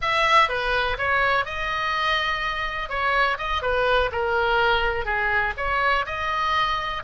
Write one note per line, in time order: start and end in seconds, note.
0.01 0.49 E5
0.49 0.97 B4
0.98 1.45 C#5
1.45 2.89 D#5
2.89 3.37 C#5
3.38 3.62 D#5
3.62 4.10 B4
4.12 5.05 A#4
5.05 5.53 G#4
5.57 6.05 C#5
6.06 7.02 D#5